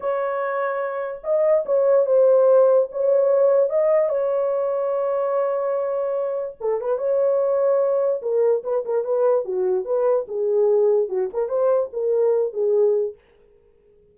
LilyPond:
\new Staff \with { instrumentName = "horn" } { \time 4/4 \tempo 4 = 146 cis''2. dis''4 | cis''4 c''2 cis''4~ | cis''4 dis''4 cis''2~ | cis''1 |
a'8 b'8 cis''2. | ais'4 b'8 ais'8 b'4 fis'4 | b'4 gis'2 fis'8 ais'8 | c''4 ais'4. gis'4. | }